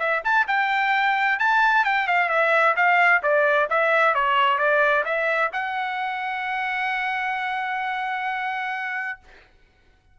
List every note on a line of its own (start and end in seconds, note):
0.00 0.23 E5
0.24 0.47 A5
0.48 1.39 G5
1.39 1.85 A5
1.85 2.08 G5
2.08 2.29 F5
2.29 2.75 E5
2.76 3.22 F5
3.23 3.69 D5
3.70 4.15 E5
4.15 4.58 C#5
4.58 5.04 D5
5.05 5.51 E5
5.53 9.19 F#5